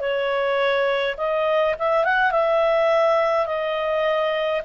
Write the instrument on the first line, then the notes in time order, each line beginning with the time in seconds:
clarinet
0.00 C#5
1.17 D#5
1.79 E5
2.05 F#5
2.31 E5
3.46 D#5